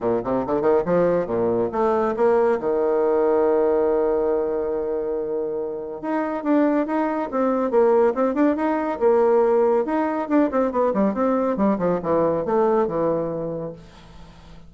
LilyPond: \new Staff \with { instrumentName = "bassoon" } { \time 4/4 \tempo 4 = 140 ais,8 c8 d8 dis8 f4 ais,4 | a4 ais4 dis2~ | dis1~ | dis2 dis'4 d'4 |
dis'4 c'4 ais4 c'8 d'8 | dis'4 ais2 dis'4 | d'8 c'8 b8 g8 c'4 g8 f8 | e4 a4 e2 | }